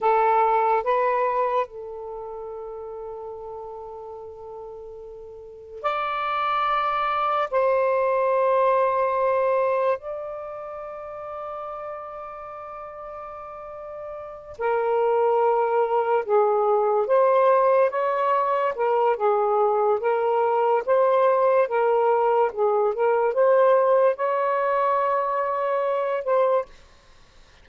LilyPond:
\new Staff \with { instrumentName = "saxophone" } { \time 4/4 \tempo 4 = 72 a'4 b'4 a'2~ | a'2. d''4~ | d''4 c''2. | d''1~ |
d''4. ais'2 gis'8~ | gis'8 c''4 cis''4 ais'8 gis'4 | ais'4 c''4 ais'4 gis'8 ais'8 | c''4 cis''2~ cis''8 c''8 | }